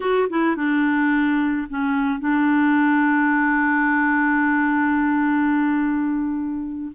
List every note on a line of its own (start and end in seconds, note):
0.00 0.28 F#4
0.29 0.56 E4
0.56 1.67 D4
1.69 2.19 C#4
2.19 6.91 D4